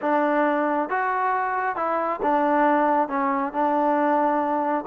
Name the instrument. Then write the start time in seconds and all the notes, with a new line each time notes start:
trombone
0.01 D4
0.89 F#4
1.75 E4
2.22 D4
3.08 C#4
3.52 D4